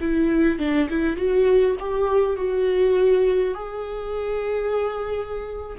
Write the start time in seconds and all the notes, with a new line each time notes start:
0.00 E4
0.58 D4
0.89 E4
1.16 F#4
1.79 G4
2.36 F#4
3.54 G#4